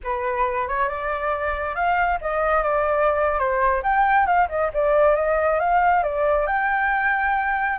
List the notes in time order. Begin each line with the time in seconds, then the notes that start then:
0.03 B4
0.68 C#5
0.88 D5
1.75 F5
2.21 D#5
2.62 D5
3.38 C5
3.82 G5
4.26 F5
4.48 D#5
4.73 D5
5.15 D#5
5.59 F5
6.03 D5
6.47 G5